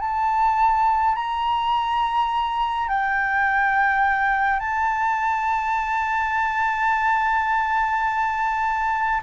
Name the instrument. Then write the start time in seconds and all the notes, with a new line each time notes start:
flute
0.00 A5
1.15 A#5
2.88 G5
4.59 A5